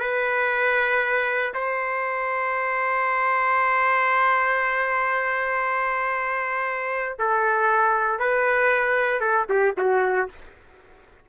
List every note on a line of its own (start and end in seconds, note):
0.00 1.54 B4
1.54 7.18 C5
7.19 8.20 A4
8.20 9.21 B4
9.21 9.46 A4
9.50 9.75 G4
9.78 10.29 F#4